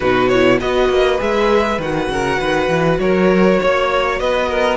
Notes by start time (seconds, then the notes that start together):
0.00 B2 D#4 F#4 B4
0.28 E4 C#5
0.60 B3 F#4 B4 D#5
0.89 A#3
1.18 G#3 G#4 E5
1.78 D#3 F#4 F#5
2.08 C#3 A#4
2.39 D#3 B4
2.69 E3
2.99 F#3 A#4 C#5
3.60 A#3 C#5
4.19 B3 B4 D#5
4.48 A#4